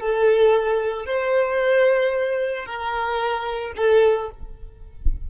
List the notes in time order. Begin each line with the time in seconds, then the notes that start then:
0.00 A4
1.06 C5
2.65 A#4
3.76 A4